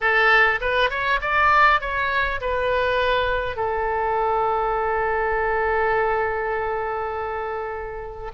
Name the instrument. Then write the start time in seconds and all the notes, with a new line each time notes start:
oboe
0.00 A4
0.60 B4
0.90 C#5
1.21 D5
1.80 C#5
2.41 B4
3.56 A4